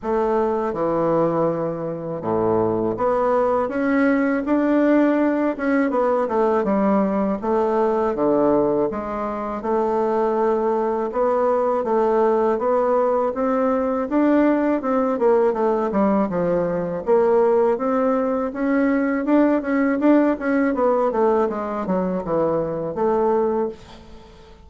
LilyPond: \new Staff \with { instrumentName = "bassoon" } { \time 4/4 \tempo 4 = 81 a4 e2 a,4 | b4 cis'4 d'4. cis'8 | b8 a8 g4 a4 d4 | gis4 a2 b4 |
a4 b4 c'4 d'4 | c'8 ais8 a8 g8 f4 ais4 | c'4 cis'4 d'8 cis'8 d'8 cis'8 | b8 a8 gis8 fis8 e4 a4 | }